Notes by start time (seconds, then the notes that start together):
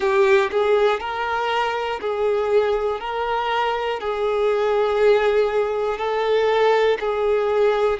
0.00 G4
0.50 G#4
1.00 A#4
2.00 G#4
3.00 A#4
4.00 G#4
5.97 A4
7.00 G#4